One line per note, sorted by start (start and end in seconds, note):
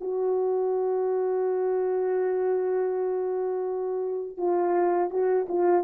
0.00 4.37 F#4
4.37 5.10 F4
5.10 5.46 F#4
5.48 5.84 F4